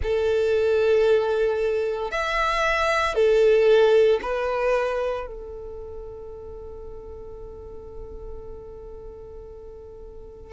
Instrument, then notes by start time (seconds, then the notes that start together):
violin
0.02 A4
2.11 E5
3.14 A4
4.22 B4
5.26 A4